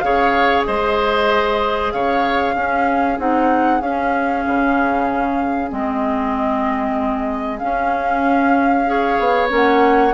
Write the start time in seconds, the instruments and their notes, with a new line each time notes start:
0.00 bassoon C#3, clarinet G#4, oboe C#5, flute F5
0.66 bassoon G#3, oboe C5, flute D#5
1.92 bassoon C#3, oboe C#5, flute F5
2.55 bassoon C#4, clarinet C#4, oboe G#4
3.19 bassoon C4, clarinet D#4, flute F#5
3.81 bassoon C#4, clarinet C#4, flute F5
4.47 bassoon C#3
5.69 bassoon G#3, clarinet C4, flute D#5
7.59 clarinet C#4, bassoon C#4, flute F5
8.87 clarinet G#4, oboe C#5
9.19 bassoon B3
9.49 bassoon A#3, clarinet C#4, flute F#5